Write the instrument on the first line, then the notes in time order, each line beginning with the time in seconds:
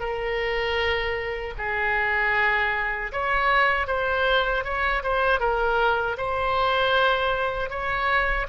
oboe
0.00 A#4
1.58 G#4
3.13 C#5
3.87 C5
4.64 C#5
5.03 C5
5.40 A#4
6.17 C5
7.70 C#5